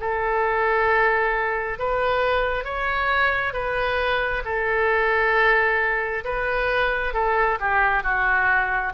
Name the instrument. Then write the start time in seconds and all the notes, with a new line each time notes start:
oboe
0.00 A4
1.79 B4
2.64 C#5
3.53 B4
4.45 A4
6.24 B4
7.14 A4
7.60 G4
8.04 F#4